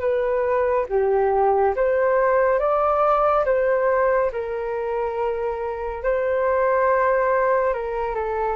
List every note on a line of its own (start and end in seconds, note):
0.00 0.86 B4
0.89 1.75 G4
1.76 2.59 C5
2.59 3.45 D5
3.45 4.31 C5
4.32 6.03 A#4
6.03 7.73 C5
7.73 8.15 A#4
8.15 8.56 A4